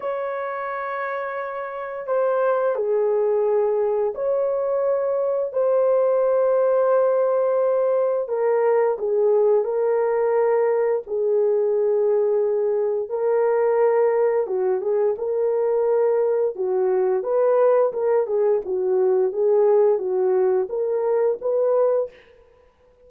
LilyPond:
\new Staff \with { instrumentName = "horn" } { \time 4/4 \tempo 4 = 87 cis''2. c''4 | gis'2 cis''2 | c''1 | ais'4 gis'4 ais'2 |
gis'2. ais'4~ | ais'4 fis'8 gis'8 ais'2 | fis'4 b'4 ais'8 gis'8 fis'4 | gis'4 fis'4 ais'4 b'4 | }